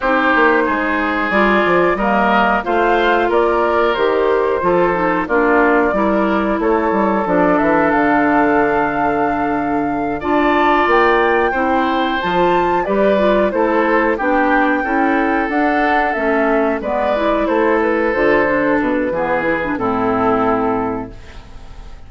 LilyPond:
<<
  \new Staff \with { instrumentName = "flute" } { \time 4/4 \tempo 4 = 91 c''2 d''4 dis''4 | f''4 d''4 c''2 | d''2 cis''4 d''8 e''8 | f''2.~ f''8 a''8~ |
a''8 g''2 a''4 d''8~ | d''8 c''4 g''2 fis''8~ | fis''8 e''4 d''4 c''8 b'8 c''8~ | c''8 b'4. a'2 | }
  \new Staff \with { instrumentName = "oboe" } { \time 4/4 g'4 gis'2 ais'4 | c''4 ais'2 a'4 | f'4 ais'4 a'2~ | a'2.~ a'8 d''8~ |
d''4. c''2 b'8~ | b'8 a'4 g'4 a'4.~ | a'4. b'4 a'4.~ | a'4 gis'4 e'2 | }
  \new Staff \with { instrumentName = "clarinet" } { \time 4/4 dis'2 f'4 ais4 | f'2 g'4 f'8 dis'8 | d'4 e'2 d'4~ | d'2.~ d'8 f'8~ |
f'4. e'4 f'4 g'8 | f'8 e'4 d'4 e'4 d'8~ | d'8 cis'4 b8 e'4. f'8 | d'4 b8 e'16 d'16 c'2 | }
  \new Staff \with { instrumentName = "bassoon" } { \time 4/4 c'8 ais8 gis4 g8 f8 g4 | a4 ais4 dis4 f4 | ais4 g4 a8 g8 f8 e8 | d2.~ d8 d'8~ |
d'8 ais4 c'4 f4 g8~ | g8 a4 b4 cis'4 d'8~ | d'8 a4 gis4 a4 d8~ | d8 b,8 e4 a,2 | }
>>